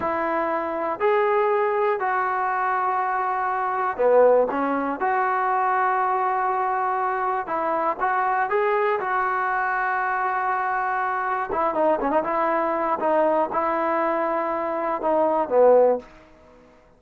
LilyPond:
\new Staff \with { instrumentName = "trombone" } { \time 4/4 \tempo 4 = 120 e'2 gis'2 | fis'1 | b4 cis'4 fis'2~ | fis'2. e'4 |
fis'4 gis'4 fis'2~ | fis'2. e'8 dis'8 | cis'16 dis'16 e'4. dis'4 e'4~ | e'2 dis'4 b4 | }